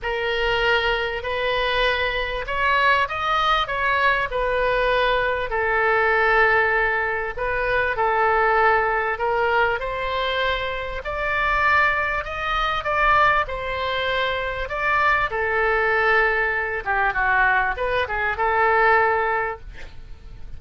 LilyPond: \new Staff \with { instrumentName = "oboe" } { \time 4/4 \tempo 4 = 98 ais'2 b'2 | cis''4 dis''4 cis''4 b'4~ | b'4 a'2. | b'4 a'2 ais'4 |
c''2 d''2 | dis''4 d''4 c''2 | d''4 a'2~ a'8 g'8 | fis'4 b'8 gis'8 a'2 | }